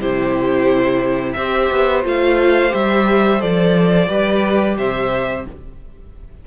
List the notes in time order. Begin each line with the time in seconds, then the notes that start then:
0.00 C3 E4 G4 C5
1.33 C4 G4 C5 E5
1.71 B3
2.03 A3 F4 F5
2.70 G3 G4 E5
3.39 F3 A4 D5
4.08 G3 G4 B4
4.77 C3 C5 E5